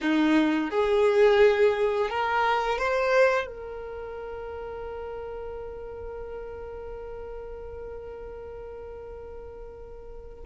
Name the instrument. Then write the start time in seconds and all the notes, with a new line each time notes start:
violin
0.01 D#4
0.70 G#4
2.10 A#4
2.78 C5
3.47 A#4